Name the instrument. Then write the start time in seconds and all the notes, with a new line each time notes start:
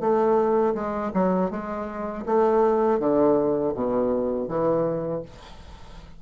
bassoon
0.00 A3
0.74 G#3
1.13 F#3
1.51 G#3
2.26 A3
2.99 D3
3.74 B2
4.48 E3